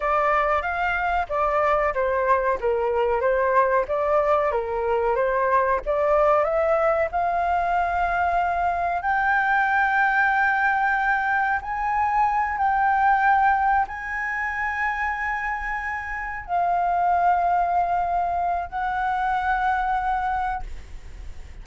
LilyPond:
\new Staff \with { instrumentName = "flute" } { \time 4/4 \tempo 4 = 93 d''4 f''4 d''4 c''4 | ais'4 c''4 d''4 ais'4 | c''4 d''4 e''4 f''4~ | f''2 g''2~ |
g''2 gis''4. g''8~ | g''4. gis''2~ gis''8~ | gis''4. f''2~ f''8~ | f''4 fis''2. | }